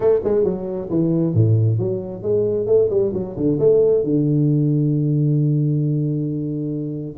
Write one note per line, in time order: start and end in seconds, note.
0.00 0.20 A3
0.24 0.44 G#3
0.44 0.88 F#3
0.90 1.34 E3
1.34 1.78 A2
1.78 2.22 F#3
2.22 2.66 G#3
2.66 2.89 A3
2.90 3.12 G3
3.13 3.36 F#3
3.36 3.58 D3
3.59 4.03 A3
4.03 7.17 D3